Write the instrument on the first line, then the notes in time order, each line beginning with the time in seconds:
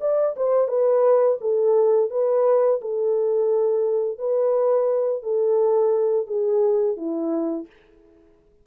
horn
0.00 D5
0.36 C5
0.68 B4
1.40 A4
2.11 B4
2.81 A4
4.18 B4
5.23 A4
6.27 G#4
6.97 E4